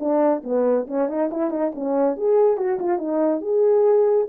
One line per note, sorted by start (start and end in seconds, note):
0.00 0.43 D4
0.44 0.87 B3
0.88 1.09 C#4
1.09 1.31 D#4
1.32 1.51 E4
1.51 1.72 D#4
1.75 2.17 C#4
2.17 2.58 G#4
2.58 2.79 F#4
2.80 2.99 F4
2.99 3.42 D#4
3.42 4.28 G#4